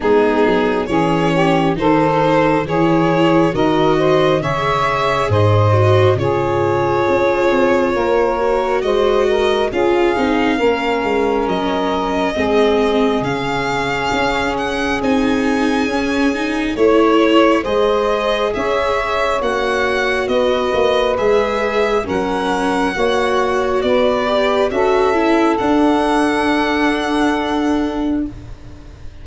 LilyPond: <<
  \new Staff \with { instrumentName = "violin" } { \time 4/4 \tempo 4 = 68 gis'4 cis''4 c''4 cis''4 | dis''4 e''4 dis''4 cis''4~ | cis''2 dis''4 f''4~ | f''4 dis''2 f''4~ |
f''8 fis''8 gis''2 cis''4 | dis''4 e''4 fis''4 dis''4 | e''4 fis''2 d''4 | e''4 fis''2. | }
  \new Staff \with { instrumentName = "saxophone" } { \time 4/4 dis'4 gis'8 g'8 a'4 gis'4 | ais'8 c''8 cis''4 c''4 gis'4~ | gis'4 ais'4 c''8 ais'8 gis'4 | ais'2 gis'2~ |
gis'2. cis''4 | c''4 cis''2 b'4~ | b'4 ais'4 cis''4 b'4 | a'1 | }
  \new Staff \with { instrumentName = "viola" } { \time 4/4 b4 cis'4 dis'4 e'4 | fis'4 gis'4. fis'8 f'4~ | f'4. fis'4. f'8 dis'8 | cis'2 c'4 cis'4~ |
cis'4 dis'4 cis'8 dis'8 e'4 | gis'2 fis'2 | gis'4 cis'4 fis'4. g'8 | fis'8 e'8 d'2. | }
  \new Staff \with { instrumentName = "tuba" } { \time 4/4 gis8 fis8 e4 dis4 e4 | dis4 cis4 gis,4 cis4 | cis'8 c'8 ais4 gis4 cis'8 c'8 | ais8 gis8 fis4 gis4 cis4 |
cis'4 c'4 cis'4 a4 | gis4 cis'4 ais4 b8 ais8 | gis4 fis4 ais4 b4 | cis'4 d'2. | }
>>